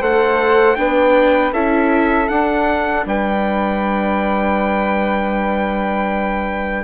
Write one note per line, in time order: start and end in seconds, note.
0.00 0.77 A3
0.00 0.76 A4
0.00 0.76 C5
0.00 0.76 F#5
0.76 1.52 B3
0.76 1.52 D4
0.76 1.53 B4
0.76 1.52 G5
1.52 2.28 C#4
1.52 2.29 E4
1.52 3.05 A4
1.52 2.28 E5
2.28 6.83 D4
2.28 3.05 D4
2.28 3.04 F#5
3.05 6.83 G3
3.05 6.83 B4
3.05 6.83 G5